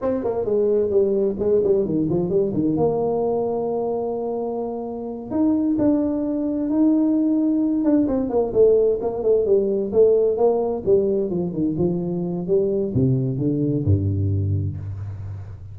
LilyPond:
\new Staff \with { instrumentName = "tuba" } { \time 4/4 \tempo 4 = 130 c'8 ais8 gis4 g4 gis8 g8 | dis8 f8 g8 dis8 ais2~ | ais2.~ ais8 dis'8~ | dis'8 d'2 dis'4.~ |
dis'4 d'8 c'8 ais8 a4 ais8 | a8 g4 a4 ais4 g8~ | g8 f8 dis8 f4. g4 | c4 d4 g,2 | }